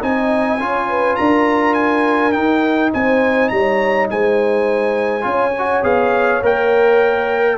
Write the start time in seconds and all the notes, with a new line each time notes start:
0.00 C4 D#4 D#5 G#5
0.59 C#4 F4 C#5
0.89 B4
1.16 D4 A#4 A#5
1.74 G#5
2.32 D#4 G5
2.93 C4 C5 G#5
3.48 G3 C#5 A#5
4.10 G#3 C5 G#5
5.21 C#4 F4
5.28 C#5
5.58 F#4
5.82 B3 G#4 F5
6.42 A#3 A#4 G5